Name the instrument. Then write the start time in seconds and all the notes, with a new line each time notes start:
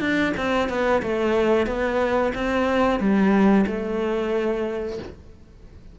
cello
0.00 D4
0.37 C4
0.69 B3
1.02 A3
1.67 B3
2.34 C4
2.99 G3
3.67 A3